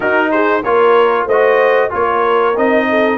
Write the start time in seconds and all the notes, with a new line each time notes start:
0.00 D#4 F#4 A#4
0.31 G#4 C5
0.63 A#3 F4 A#4 C#5
1.26 A3 F#4 C5 D#5
1.89 A#3 F4 A#4 C#5
2.56 C4 D#4 D#5
2.89 A4